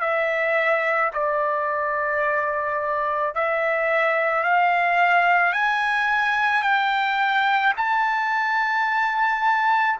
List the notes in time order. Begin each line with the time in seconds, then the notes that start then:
0.00 E5
1.13 D5
3.34 E5
4.43 F5
5.53 G#5
6.62 G5
7.76 A5